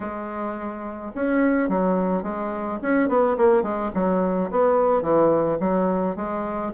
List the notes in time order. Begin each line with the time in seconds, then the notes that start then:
0.00 G#3
1.15 C#4
1.68 F#3
2.23 G#3
2.82 C#4
3.08 B3
3.37 A#3
3.62 G#3
3.94 F#3
4.51 B3
5.02 E3
5.59 F#3
6.16 G#3